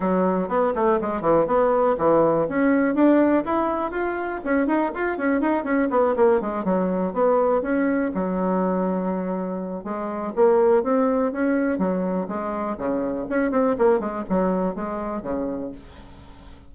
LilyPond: \new Staff \with { instrumentName = "bassoon" } { \time 4/4 \tempo 4 = 122 fis4 b8 a8 gis8 e8 b4 | e4 cis'4 d'4 e'4 | f'4 cis'8 dis'8 f'8 cis'8 dis'8 cis'8 | b8 ais8 gis8 fis4 b4 cis'8~ |
cis'8 fis2.~ fis8 | gis4 ais4 c'4 cis'4 | fis4 gis4 cis4 cis'8 c'8 | ais8 gis8 fis4 gis4 cis4 | }